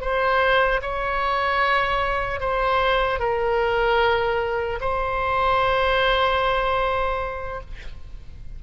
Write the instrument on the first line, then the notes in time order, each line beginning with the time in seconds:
oboe
0.00 C5
0.81 C#5
2.40 C5
3.19 A#4
4.80 C5